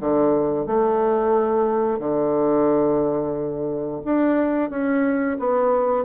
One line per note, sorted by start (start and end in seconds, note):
0.00 0.66 D3
0.66 1.99 A3
1.99 4.01 D3
4.04 4.70 D4
4.70 5.37 C#4
5.39 6.04 B3